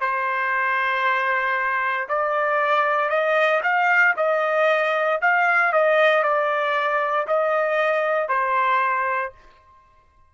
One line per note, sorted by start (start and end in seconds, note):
0.00 2.07 C5
2.08 3.09 D5
3.09 3.61 D#5
3.63 4.14 F5
4.16 5.20 D#5
5.21 5.72 F5
5.72 6.23 D#5
6.23 7.26 D5
7.27 8.28 D#5
8.28 9.32 C5